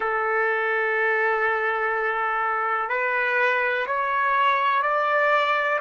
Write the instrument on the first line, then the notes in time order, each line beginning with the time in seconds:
trumpet
0.00 A4
2.89 B4
3.86 C#5
4.82 D5